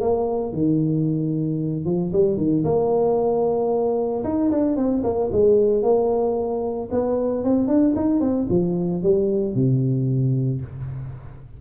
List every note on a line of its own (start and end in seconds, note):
0.00 0.53 A#3
0.53 1.85 D#3
1.85 2.12 F3
2.13 2.37 G3
2.37 2.64 D#3
2.64 4.23 A#3
4.24 4.50 D#4
4.51 4.76 D4
4.76 5.03 C4
5.03 5.30 A#3
5.31 5.83 G#3
5.83 6.89 A#3
6.91 7.44 B3
7.44 7.67 C4
7.67 7.94 D4
7.95 8.20 D#4
8.20 8.47 C4
8.50 9.02 F3
9.02 9.55 G3
9.55 10.61 C3